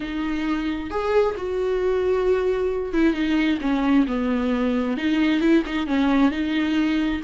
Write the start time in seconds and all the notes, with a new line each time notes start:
0.00 D#4
0.90 G#4
1.37 F#4
2.93 E4
3.13 D#4
3.61 C#4
4.07 B3
4.97 D#4
5.40 E4
5.66 D#4
5.86 C#4
6.31 D#4